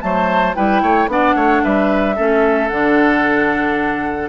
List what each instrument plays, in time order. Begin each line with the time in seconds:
0.00 bassoon F#3, clarinet A3, oboe C5, flute A5
0.55 bassoon G3, clarinet E4, oboe B4, flute G5
0.82 bassoon A3, oboe C#5
1.07 bassoon B3, clarinet D4, oboe D5, flute F#5
1.35 bassoon A3, oboe C#5
1.63 bassoon G3, oboe B4, flute E5
2.15 bassoon A3, clarinet C#4, oboe A4
2.68 bassoon D3, clarinet D4, flute F#5